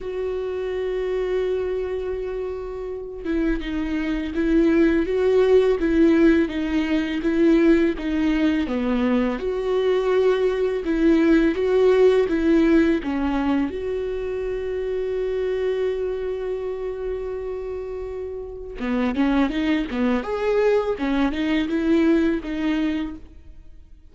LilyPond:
\new Staff \with { instrumentName = "viola" } { \time 4/4 \tempo 4 = 83 fis'1~ | fis'8 e'8 dis'4 e'4 fis'4 | e'4 dis'4 e'4 dis'4 | b4 fis'2 e'4 |
fis'4 e'4 cis'4 fis'4~ | fis'1~ | fis'2 b8 cis'8 dis'8 b8 | gis'4 cis'8 dis'8 e'4 dis'4 | }